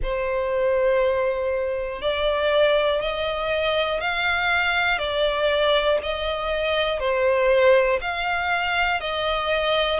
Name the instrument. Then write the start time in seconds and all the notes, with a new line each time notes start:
violin
0.02 C5
2.01 D5
3.01 D#5
4.00 F5
4.98 D5
6.03 D#5
6.99 C5
8.01 F5
9.00 D#5